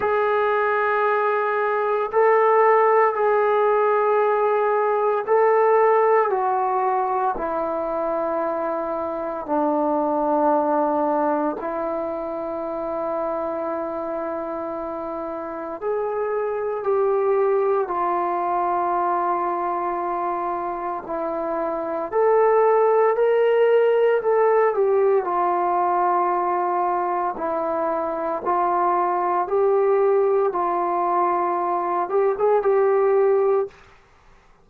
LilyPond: \new Staff \with { instrumentName = "trombone" } { \time 4/4 \tempo 4 = 57 gis'2 a'4 gis'4~ | gis'4 a'4 fis'4 e'4~ | e'4 d'2 e'4~ | e'2. gis'4 |
g'4 f'2. | e'4 a'4 ais'4 a'8 g'8 | f'2 e'4 f'4 | g'4 f'4. g'16 gis'16 g'4 | }